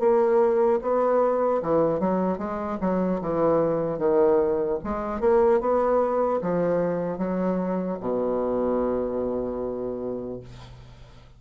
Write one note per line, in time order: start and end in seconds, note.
0.00 0.80 A#3
0.82 1.62 B3
1.63 2.00 E3
2.00 2.39 F#3
2.39 2.79 G#3
2.81 3.21 F#3
3.21 3.99 E3
3.99 4.79 D#3
4.84 5.21 G#3
5.21 5.61 A#3
5.61 6.41 B3
6.42 7.19 F3
7.19 7.99 F#3
8.00 10.40 B2